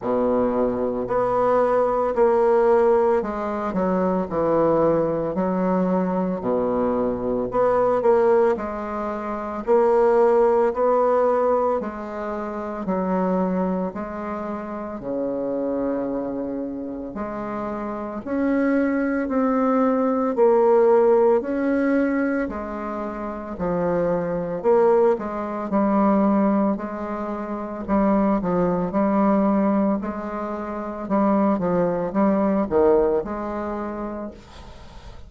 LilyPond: \new Staff \with { instrumentName = "bassoon" } { \time 4/4 \tempo 4 = 56 b,4 b4 ais4 gis8 fis8 | e4 fis4 b,4 b8 ais8 | gis4 ais4 b4 gis4 | fis4 gis4 cis2 |
gis4 cis'4 c'4 ais4 | cis'4 gis4 f4 ais8 gis8 | g4 gis4 g8 f8 g4 | gis4 g8 f8 g8 dis8 gis4 | }